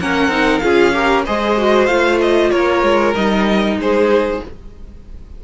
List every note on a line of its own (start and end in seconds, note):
0.00 0.28 A#3
0.00 0.30 C#4
0.00 0.63 A#4
0.00 0.59 F#5
0.28 0.59 C4
0.28 0.61 D#4
0.59 1.26 C#4
0.59 0.93 F4
0.59 0.95 G#4
0.59 1.22 F5
0.93 1.24 G4
0.93 1.25 A#4
1.25 1.88 G#3
1.25 1.58 G#4
1.25 2.51 C5
1.25 1.86 D#5
1.58 1.88 F#4
1.86 2.51 A3
1.86 3.14 F4
1.86 2.18 F5
2.21 2.51 D#5
2.51 2.83 A#3
2.51 3.78 A#4
2.51 3.14 C#5
2.83 3.14 G#3
3.15 3.76 G3
3.15 4.42 D#4
3.15 3.78 D#5
3.76 4.39 G#3
3.76 4.44 G#4
3.76 4.44 C5